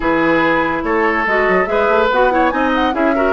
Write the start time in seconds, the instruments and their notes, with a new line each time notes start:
0.00 bassoon E3, clarinet E4, oboe G#4, flute B4
0.83 bassoon A3, oboe A4, flute C#5
1.26 bassoon G#3, clarinet F#4, flute D#5
1.48 bassoon F#3
1.65 bassoon G#3, clarinet G#4, oboe B4, flute E5
1.88 bassoon A3
2.11 bassoon B3, clarinet F#4, flute F#5
2.31 clarinet E4, oboe C#5
2.49 bassoon C4, clarinet D#4, oboe D#5, flute G#5
2.75 flute F#5
2.92 bassoon C#4, clarinet E4, oboe G#4, flute E5
3.15 clarinet F#4, oboe A#4